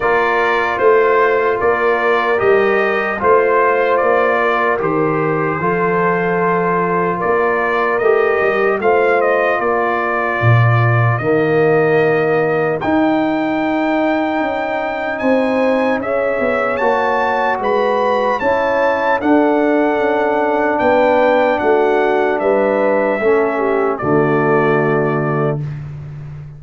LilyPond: <<
  \new Staff \with { instrumentName = "trumpet" } { \time 4/4 \tempo 4 = 75 d''4 c''4 d''4 dis''4 | c''4 d''4 c''2~ | c''4 d''4 dis''4 f''8 dis''8 | d''2 dis''2 |
g''2. gis''4 | e''4 a''4 b''4 a''4 | fis''2 g''4 fis''4 | e''2 d''2 | }
  \new Staff \with { instrumentName = "horn" } { \time 4/4 ais'4 c''4 ais'2 | c''4. ais'4. a'4~ | a'4 ais'2 c''4 | ais'1~ |
ais'2. c''4 | cis''2 b'4 cis''4 | a'2 b'4 fis'4 | b'4 a'8 g'8 fis'2 | }
  \new Staff \with { instrumentName = "trombone" } { \time 4/4 f'2. g'4 | f'2 g'4 f'4~ | f'2 g'4 f'4~ | f'2 ais2 |
dis'1 | gis'4 fis'2 e'4 | d'1~ | d'4 cis'4 a2 | }
  \new Staff \with { instrumentName = "tuba" } { \time 4/4 ais4 a4 ais4 g4 | a4 ais4 dis4 f4~ | f4 ais4 a8 g8 a4 | ais4 ais,4 dis2 |
dis'2 cis'4 c'4 | cis'8 b8 ais4 gis4 cis'4 | d'4 cis'4 b4 a4 | g4 a4 d2 | }
>>